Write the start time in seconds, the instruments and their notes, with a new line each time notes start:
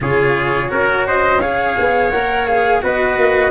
0.00 tuba C#3, cello F4, trumpet G#4, flute C#5
0.68 tuba C#4, cello F#4, trumpet A#4
1.07 trumpet C5, flute D#5
1.40 cello G#4, trumpet C#5, flute F5
1.78 tuba B3
2.10 tuba A#3, cello A#4, flute F#5
2.46 cello G#4, flute F5
2.82 tuba B3, cello F#4, trumpet B4, flute D#5
3.17 tuba A#3